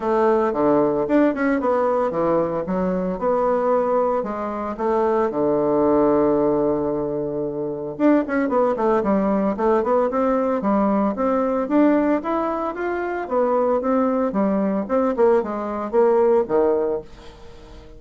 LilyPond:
\new Staff \with { instrumentName = "bassoon" } { \time 4/4 \tempo 4 = 113 a4 d4 d'8 cis'8 b4 | e4 fis4 b2 | gis4 a4 d2~ | d2. d'8 cis'8 |
b8 a8 g4 a8 b8 c'4 | g4 c'4 d'4 e'4 | f'4 b4 c'4 g4 | c'8 ais8 gis4 ais4 dis4 | }